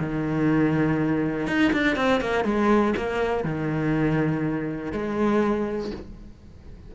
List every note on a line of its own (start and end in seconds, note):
0.00 1.48 D#3
1.48 1.72 D#4
1.73 1.96 D4
1.96 2.21 C4
2.21 2.45 A#3
2.45 2.94 G#3
2.97 3.44 A#3
3.44 4.92 D#3
4.92 5.91 G#3